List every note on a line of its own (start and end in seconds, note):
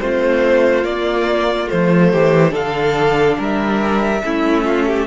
0.00 0.85 A3
0.00 0.84 C4
0.00 2.12 F4
0.00 0.85 C5
0.84 1.68 A#3
0.84 1.69 A#3
0.84 1.69 D5
1.68 2.14 F3
1.68 2.51 A3
1.68 2.54 C5
2.12 2.54 E3
2.12 2.52 G4
2.51 3.39 D3
2.51 4.20 D4
2.51 3.36 A4
2.51 3.40 F5
3.39 4.23 G3
3.39 4.23 A#4
3.39 5.08 E5
4.24 5.08 A3
4.24 5.08 C#4
4.24 4.65 E4
4.65 4.86 F4
4.87 5.08 G4